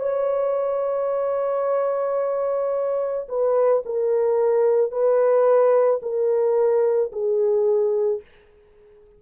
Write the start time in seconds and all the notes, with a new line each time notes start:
0.00 C#5
3.29 B4
3.86 A#4
4.91 B4
6.02 A#4
7.13 G#4